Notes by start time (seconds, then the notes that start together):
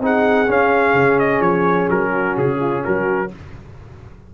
0.00 C4 D#4 G#4 F#5
0.47 C#4 F5
0.93 C#3
1.19 D#5
1.40 F3 C#5
1.90 F#3 A#4
2.12 F#4
2.37 C#3 G#4
2.60 F4
2.83 F#3 F#4 A#4